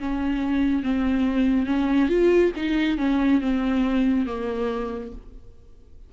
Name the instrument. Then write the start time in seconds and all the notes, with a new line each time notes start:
viola
0.00 C#4
0.83 C4
1.67 C#4
2.10 F4
2.56 D#4
2.98 C#4
3.41 C4
4.27 A#3